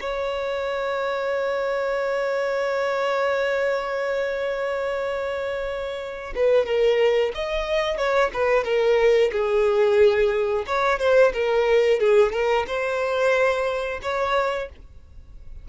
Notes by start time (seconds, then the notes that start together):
0.00 C#5
6.35 B4
6.65 A#4
7.35 D#5
7.97 C#5
8.33 B4
8.64 A#4
9.31 G#4
10.66 C#5
10.99 C5
11.33 A#4
11.99 G#4
12.32 A#4
12.66 C5
14.02 C#5